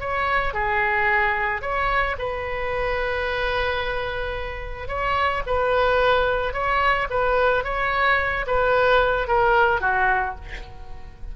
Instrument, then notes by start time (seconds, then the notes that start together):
oboe
0.00 C#5
0.54 G#4
1.62 C#5
2.18 B4
4.88 C#5
5.47 B4
6.54 C#5
7.10 B4
7.64 C#5
8.47 B4
9.28 A#4
9.81 F#4